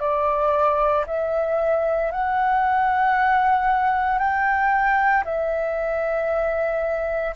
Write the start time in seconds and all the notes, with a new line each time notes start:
0.00 D5
1.07 E5
2.11 F#5
4.19 G5
5.25 E5